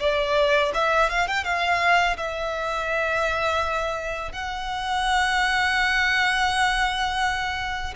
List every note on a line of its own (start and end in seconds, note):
0.00 0.72 D5
0.75 1.10 E5
1.10 1.27 F5
1.27 1.45 G5
1.45 2.17 F5
2.18 4.32 E5
4.32 7.94 F#5